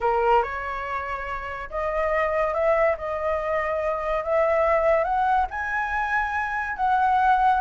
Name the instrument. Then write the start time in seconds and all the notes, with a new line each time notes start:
flute
0.00 A#4
0.42 C#5
1.69 D#5
2.54 E5
2.97 D#5
4.24 E5
5.04 F#5
5.50 G#5
6.76 F#5